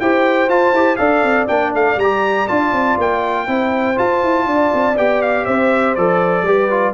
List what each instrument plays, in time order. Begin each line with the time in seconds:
0.00 tuba E4, trombone G4, horn C5, trumpet G5
0.49 tuba F4, trombone F4, trumpet A5
0.73 tuba E4, trombone G4
0.96 tuba D4, trombone A4, horn D5, trumpet F5
1.23 tuba C4
1.48 tuba A#3, trombone D4, trumpet G5
1.74 tuba A3, trumpet F5
1.96 tuba G3, trumpet A#5
2.02 trombone G4
2.48 tuba D4, trombone F4, trumpet A5
2.72 tuba C4
2.98 tuba A#3, trumpet G5
3.47 tuba C4, trombone E4, horn C5
3.96 trombone F4, tuba F4, trumpet A5
4.23 tuba E4
4.46 tuba D4, horn D5
4.74 tuba C4
4.97 tuba B3, trombone G4, trumpet G5
5.22 trumpet F5
5.45 tuba C4, horn C5, trumpet E5
5.95 tuba F3, trombone A4, trumpet D5
6.42 tuba G3, trombone G4, horn B4
6.71 trombone F4